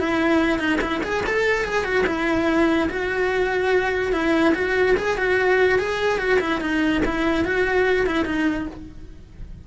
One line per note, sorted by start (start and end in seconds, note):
0.00 0.59 E4
0.59 0.80 D#4
0.81 1.02 E4
1.04 1.25 G#4
1.27 1.65 A4
1.65 1.85 G#4
1.85 2.05 F#4
2.07 2.89 E4
2.90 4.13 F#4
4.13 4.54 E4
4.55 4.96 F#4
4.97 5.18 G#4
5.18 5.79 F#4
5.79 6.19 G#4
6.19 6.39 F#4
6.40 6.61 E4
6.61 7.03 D#4
7.06 7.45 E4
7.45 8.07 F#4
8.07 8.26 E4
8.26 8.67 D#4